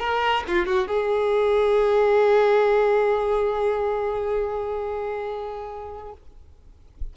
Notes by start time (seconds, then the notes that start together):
0.00 A#4
0.48 F4
0.66 F#4
0.88 G#4